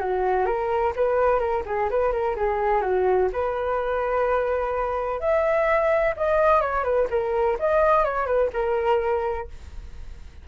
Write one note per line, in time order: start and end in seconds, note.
0.00 0.46 F#4
0.46 0.93 A#4
0.96 1.39 B4
1.39 1.63 A#4
1.66 1.89 G#4
1.90 2.12 B4
2.12 2.36 A#4
2.36 2.81 G#4
2.81 3.29 F#4
3.33 5.20 B4
5.20 6.15 E5
6.17 6.61 D#5
6.61 6.84 C#5
6.84 7.08 B4
7.10 7.58 A#4
7.59 8.04 D#5
8.04 8.26 C#5
8.26 8.50 B4
8.53 9.48 A#4